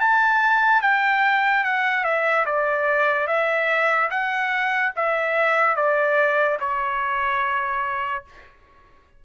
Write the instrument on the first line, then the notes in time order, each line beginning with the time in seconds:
trumpet
0.00 A5
0.81 G5
1.64 F#5
2.04 E5
2.45 D5
3.27 E5
4.10 F#5
4.96 E5
5.76 D5
6.60 C#5